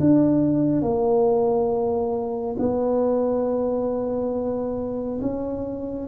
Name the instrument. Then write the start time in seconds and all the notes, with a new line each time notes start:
tuba
0.00 D4
0.82 A#3
2.59 B3
5.21 C#4